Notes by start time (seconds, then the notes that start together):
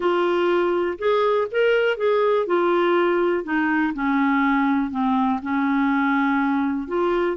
0.00 F4
0.98 G#4
1.51 A#4
1.97 G#4
2.46 F4
3.44 D#4
3.94 C#4
4.90 C4
5.42 C#4
6.87 F4